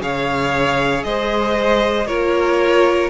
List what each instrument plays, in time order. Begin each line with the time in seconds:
0.00 cello C#3, viola G#4, violin C#5 F5
1.03 cello G#3, violin C5 D#5
2.06 cello A#3, viola F4, violin A#4 C#5